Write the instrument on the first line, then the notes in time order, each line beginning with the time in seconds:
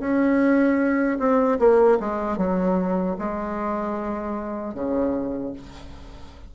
bassoon
0.00 C#4
1.19 C4
1.59 A#3
2.00 G#3
2.38 F#3
3.19 G#3
4.74 C#3